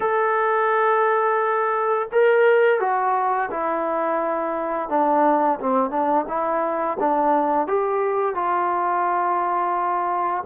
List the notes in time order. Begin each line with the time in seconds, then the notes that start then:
0.00 A4
2.12 A#4
2.79 F#4
3.50 E4
4.89 D4
5.60 C4
5.90 D4
6.28 E4
6.99 D4
7.67 G4
8.34 F4